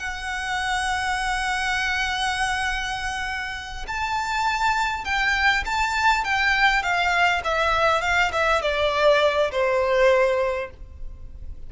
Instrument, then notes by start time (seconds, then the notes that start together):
violin
0.00 F#5
3.88 A5
5.05 G5
5.66 A5
6.25 G5
6.83 F5
7.45 E5
8.02 F5
8.33 E5
8.62 D5
9.52 C5